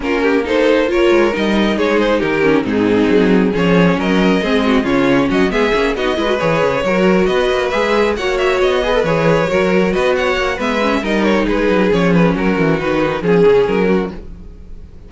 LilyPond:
<<
  \new Staff \with { instrumentName = "violin" } { \time 4/4 \tempo 4 = 136 ais'4 c''4 cis''4 dis''4 | cis''8 c''8 ais'4 gis'2 | cis''4 dis''2 cis''4 | dis''8 e''4 dis''4 cis''4.~ |
cis''8 dis''4 e''4 fis''8 e''8 dis''8~ | dis''8 cis''2 dis''8 fis''4 | e''4 dis''8 cis''8 b'4 cis''8 b'8 | ais'4 b'4 gis'4 ais'4 | }
  \new Staff \with { instrumentName = "violin" } { \time 4/4 f'8 g'8 a'4 ais'2 | gis'4 g'4 dis'2 | gis'4 ais'4 gis'8 fis'8 f'4 | fis'8 gis'4 fis'8 b'4. ais'8~ |
ais'8 b'2 cis''4. | b'4. ais'4 b'8 cis''4 | b'4 ais'4 gis'2 | fis'2 gis'4. fis'8 | }
  \new Staff \with { instrumentName = "viola" } { \time 4/4 cis'4 dis'4 f'4 dis'4~ | dis'4. cis'8 c'2 | cis'2 c'4 cis'4~ | cis'8 b8 cis'8 dis'8 e'16 fis'16 gis'4 fis'8~ |
fis'4. gis'4 fis'4. | gis'16 a'16 gis'4 fis'2~ fis'8 | b8 cis'8 dis'2 cis'4~ | cis'4 dis'4 cis'2 | }
  \new Staff \with { instrumentName = "cello" } { \time 4/4 ais2~ ais8 gis8 g4 | gis4 dis4 gis,4 fis4 | f4 fis4 gis4 cis4 | fis8 gis8 ais8 b8 gis8 e8 cis8 fis8~ |
fis8 b8 ais8 gis4 ais4 b8~ | b8 e4 fis4 b4 ais8 | gis4 g4 gis8 fis8 f4 | fis8 e8 dis4 f8 cis8 fis4 | }
>>